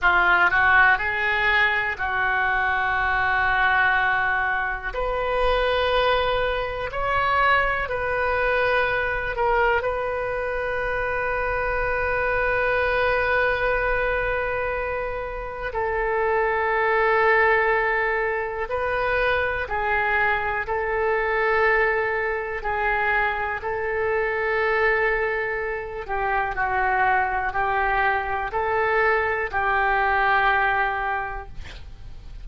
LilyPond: \new Staff \with { instrumentName = "oboe" } { \time 4/4 \tempo 4 = 61 f'8 fis'8 gis'4 fis'2~ | fis'4 b'2 cis''4 | b'4. ais'8 b'2~ | b'1 |
a'2. b'4 | gis'4 a'2 gis'4 | a'2~ a'8 g'8 fis'4 | g'4 a'4 g'2 | }